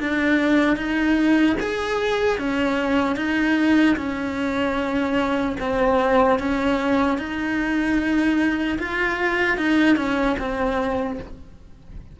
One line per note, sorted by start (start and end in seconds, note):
0.00 0.76 D4
0.76 1.56 D#4
1.60 2.38 G#4
2.38 3.16 C#4
3.16 3.96 D#4
3.96 5.56 C#4
5.60 6.39 C4
6.39 7.18 C#4
7.18 8.78 D#4
8.79 9.57 F4
9.57 9.96 D#4
9.96 10.36 C#4
10.39 11.19 C4